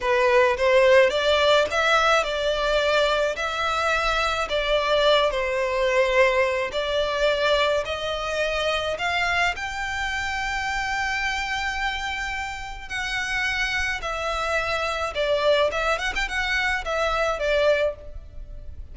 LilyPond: \new Staff \with { instrumentName = "violin" } { \time 4/4 \tempo 4 = 107 b'4 c''4 d''4 e''4 | d''2 e''2 | d''4. c''2~ c''8 | d''2 dis''2 |
f''4 g''2.~ | g''2. fis''4~ | fis''4 e''2 d''4 | e''8 fis''16 g''16 fis''4 e''4 d''4 | }